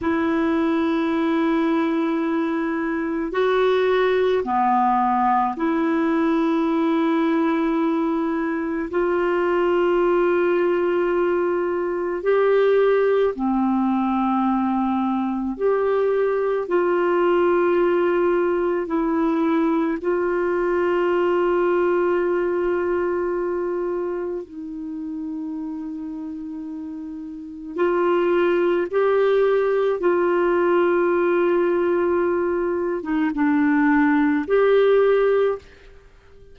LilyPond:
\new Staff \with { instrumentName = "clarinet" } { \time 4/4 \tempo 4 = 54 e'2. fis'4 | b4 e'2. | f'2. g'4 | c'2 g'4 f'4~ |
f'4 e'4 f'2~ | f'2 dis'2~ | dis'4 f'4 g'4 f'4~ | f'4.~ f'16 dis'16 d'4 g'4 | }